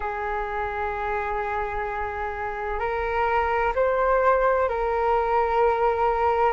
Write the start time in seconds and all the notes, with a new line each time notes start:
0.00 G#4
2.79 A#4
3.75 C5
4.69 A#4